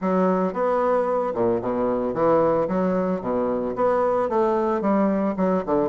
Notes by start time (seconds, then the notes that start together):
0.01 F#3
0.53 B3
1.34 A#2
1.61 B2
2.14 E3
2.68 F#3
3.21 B2
3.75 B3
4.29 A3
4.81 G3
5.36 F#3
5.66 D3